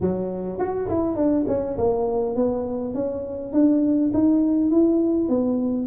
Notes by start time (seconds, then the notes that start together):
0.00 F#3
0.59 F#4
0.89 E4
1.15 D4
1.47 C#4
1.77 A#3
2.35 B3
2.94 C#4
3.52 D4
4.13 D#4
4.70 E4
5.28 B3